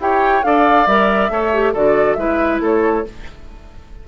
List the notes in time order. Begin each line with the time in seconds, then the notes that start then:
0.00 E4 G4 C#5 G5
0.43 D4 A4 D5 F5
0.87 G3 A#4 E5
1.30 A3 A4 C#5
1.53 G4
1.73 D3 F#4 A4 D5
2.14 G#3 E4 B4 E5
2.60 A3 A4 C#5